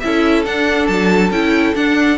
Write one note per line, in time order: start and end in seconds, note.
0.00 0.46 C#4
0.00 0.45 E4
0.00 2.18 A4
0.00 0.43 E5
0.45 1.31 D4
0.45 0.88 D4
0.45 0.87 F#5
0.87 1.30 F#3
0.87 1.30 A5
1.30 1.74 C#4
1.30 1.75 E4
1.30 1.75 G5
1.75 2.18 D4
1.75 2.18 F#5